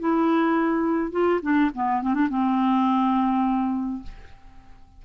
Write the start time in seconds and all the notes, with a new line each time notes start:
0.00 E4
1.12 F4
1.43 D4
1.75 B3
2.03 C4
2.15 D4
2.30 C4